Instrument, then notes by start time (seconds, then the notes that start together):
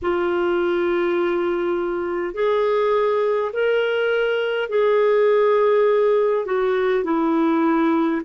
clarinet
0.02 F4
2.34 G#4
3.52 A#4
4.69 G#4
6.45 F#4
7.04 E4